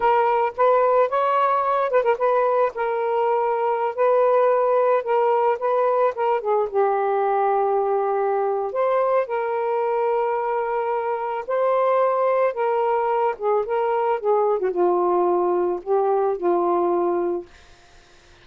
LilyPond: \new Staff \with { instrumentName = "saxophone" } { \time 4/4 \tempo 4 = 110 ais'4 b'4 cis''4. b'16 ais'16 | b'4 ais'2~ ais'16 b'8.~ | b'4~ b'16 ais'4 b'4 ais'8 gis'16~ | gis'16 g'2.~ g'8. |
c''4 ais'2.~ | ais'4 c''2 ais'4~ | ais'8 gis'8 ais'4 gis'8. fis'16 f'4~ | f'4 g'4 f'2 | }